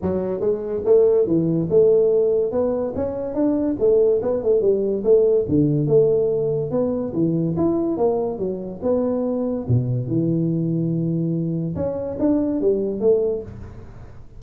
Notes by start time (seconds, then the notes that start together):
0.02 F#3
0.40 G#3
0.85 A3
1.26 E3
1.70 A3
2.51 B3
2.95 C#4
3.34 D4
3.79 A3
4.22 B3
4.43 A3
4.61 G3
5.03 A3
5.48 D3
5.87 A3
6.71 B3
7.13 E3
7.56 E4
7.97 A#3
8.38 F#3
8.82 B3
9.68 B2
10.07 E3
11.75 C#4
12.19 D4
12.60 G3
13.00 A3